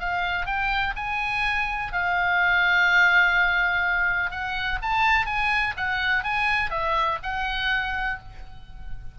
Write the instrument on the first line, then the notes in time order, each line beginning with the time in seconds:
oboe
0.00 F5
0.46 G5
0.96 G#5
1.93 F5
4.31 F#5
4.82 A5
5.26 G#5
5.77 F#5
6.24 G#5
6.71 E5
7.23 F#5